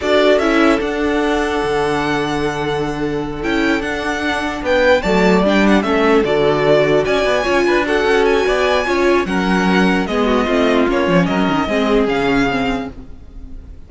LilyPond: <<
  \new Staff \with { instrumentName = "violin" } { \time 4/4 \tempo 4 = 149 d''4 e''4 fis''2~ | fis''1~ | fis''8 g''4 fis''2 g''8~ | g''8 a''4 g''8 fis''8 e''4 d''8~ |
d''4. gis''2 fis''8~ | fis''8 gis''2~ gis''8 fis''4~ | fis''4 dis''2 cis''4 | dis''2 f''2 | }
  \new Staff \with { instrumentName = "violin" } { \time 4/4 a'1~ | a'1~ | a'2.~ a'8 b'8~ | b'8 d''2 a'4.~ |
a'4. d''4 cis''8 b'8 a'8~ | a'4 d''4 cis''4 ais'4~ | ais'4 gis'8 fis'8 f'2 | ais'4 gis'2. | }
  \new Staff \with { instrumentName = "viola" } { \time 4/4 fis'4 e'4 d'2~ | d'1~ | d'8 e'4 d'2~ d'8~ | d'8 a4 d'4 cis'4 fis'8~ |
fis'2~ fis'8 f'4 fis'8~ | fis'2 f'4 cis'4~ | cis'4 b4 c'4 cis'4~ | cis'4 c'4 cis'4 c'4 | }
  \new Staff \with { instrumentName = "cello" } { \time 4/4 d'4 cis'4 d'2 | d1~ | d8 cis'4 d'2 b8~ | b8 fis4 g4 a4 d8~ |
d4. cis'8 b8 cis'8 d'4 | cis'4 b4 cis'4 fis4~ | fis4 gis4 a4 ais8 f8 | fis8 dis8 gis4 cis2 | }
>>